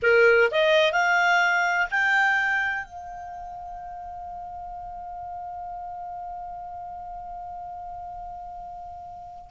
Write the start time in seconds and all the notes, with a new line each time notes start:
0.02 A#4
0.51 D#5
0.92 F5
1.90 G5
2.84 F5